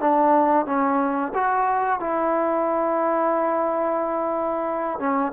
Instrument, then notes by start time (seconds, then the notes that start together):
trombone
0.00 D4
0.66 C#4
1.34 F#4
2.00 E4
4.99 C#4